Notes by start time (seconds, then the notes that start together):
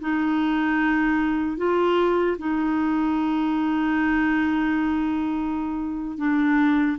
0.00 D#4
1.57 F4
2.38 D#4
6.17 D4